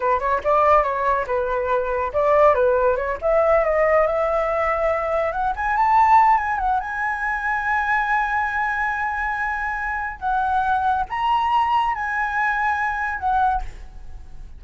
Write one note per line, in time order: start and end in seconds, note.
0.00 0.19 B4
0.19 0.40 C#5
0.44 0.83 D5
0.83 1.25 C#5
1.26 2.12 B4
2.13 2.54 D5
2.54 2.96 B4
2.96 3.17 C#5
3.21 3.64 E5
3.64 4.06 D#5
4.06 5.32 E5
5.32 5.53 F#5
5.55 5.76 G#5
5.76 6.37 A5
6.37 6.58 G#5
6.58 6.80 F#5
6.80 10.19 G#5
10.19 11.04 F#5
11.09 11.94 A#5
11.94 13.19 G#5
13.19 13.62 F#5